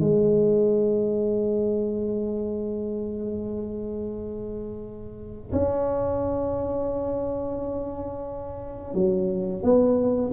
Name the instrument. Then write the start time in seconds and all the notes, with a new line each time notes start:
tuba
0.00 G#3
5.52 C#4
8.94 F#3
9.63 B3